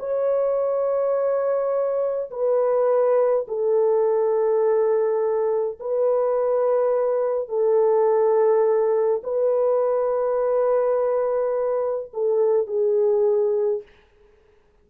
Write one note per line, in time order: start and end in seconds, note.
0.00 2.31 C#5
2.31 3.47 B4
3.48 5.79 A4
5.80 7.49 B4
7.49 9.22 A4
9.24 12.12 B4
12.14 12.68 A4
12.68 13.83 G#4